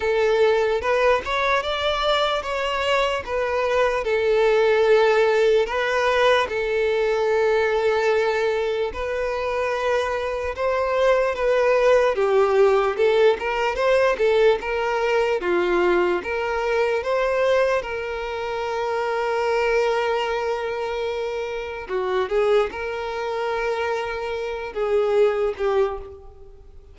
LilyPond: \new Staff \with { instrumentName = "violin" } { \time 4/4 \tempo 4 = 74 a'4 b'8 cis''8 d''4 cis''4 | b'4 a'2 b'4 | a'2. b'4~ | b'4 c''4 b'4 g'4 |
a'8 ais'8 c''8 a'8 ais'4 f'4 | ais'4 c''4 ais'2~ | ais'2. fis'8 gis'8 | ais'2~ ais'8 gis'4 g'8 | }